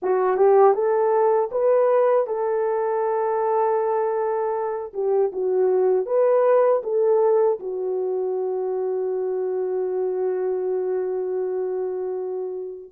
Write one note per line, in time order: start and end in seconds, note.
0.02 0.37 F#4
0.37 0.74 G4
0.74 1.49 A4
1.51 2.26 B4
2.26 4.92 A4
4.93 5.31 G4
5.32 6.06 F#4
6.06 6.81 B4
6.83 7.59 A4
7.59 12.91 F#4